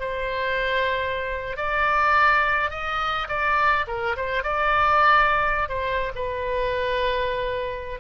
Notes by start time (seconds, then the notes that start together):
0.00 C5
1.57 D5
2.71 D#5
3.29 D5
3.88 A#4
4.17 C5
4.44 D5
5.69 C5
6.15 B4